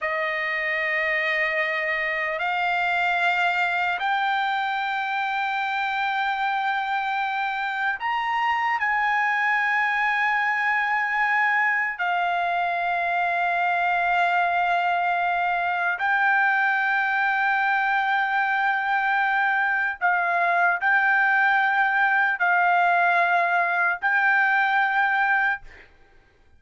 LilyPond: \new Staff \with { instrumentName = "trumpet" } { \time 4/4 \tempo 4 = 75 dis''2. f''4~ | f''4 g''2.~ | g''2 ais''4 gis''4~ | gis''2. f''4~ |
f''1 | g''1~ | g''4 f''4 g''2 | f''2 g''2 | }